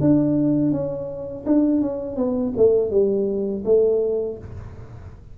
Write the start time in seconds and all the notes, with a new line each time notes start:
0.00 D4
0.72 C#4
1.46 D4
1.81 C#4
2.17 B3
2.57 A3
2.90 G3
3.65 A3